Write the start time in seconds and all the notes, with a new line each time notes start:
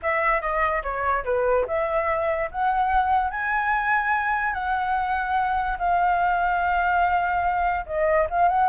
0.02 E5
0.41 D#5
0.82 C#5
1.24 B4
1.67 E5
2.51 F#5
3.30 G#5
4.53 F#5
5.78 F5
7.85 D#5
8.30 F5
8.48 F#5